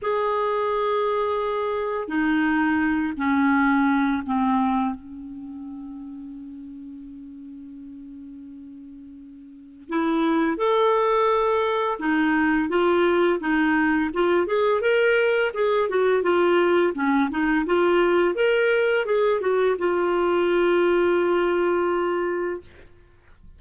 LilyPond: \new Staff \with { instrumentName = "clarinet" } { \time 4/4 \tempo 4 = 85 gis'2. dis'4~ | dis'8 cis'4. c'4 cis'4~ | cis'1~ | cis'2 e'4 a'4~ |
a'4 dis'4 f'4 dis'4 | f'8 gis'8 ais'4 gis'8 fis'8 f'4 | cis'8 dis'8 f'4 ais'4 gis'8 fis'8 | f'1 | }